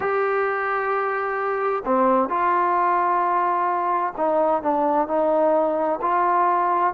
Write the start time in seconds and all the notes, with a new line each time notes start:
0.00 G4
1.85 C4
2.29 F4
4.16 D#4
4.62 D4
5.07 D#4
6.01 F4